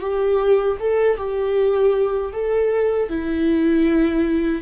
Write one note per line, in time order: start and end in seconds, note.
0.00 0.77 G4
0.80 1.17 A4
1.17 2.32 G4
2.33 3.09 A4
3.09 4.62 E4